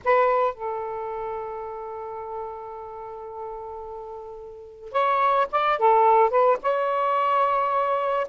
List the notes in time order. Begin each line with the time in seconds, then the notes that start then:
0.04 B4
0.54 A4
4.92 C#5
5.51 D5
5.78 A4
6.30 B4
6.62 C#5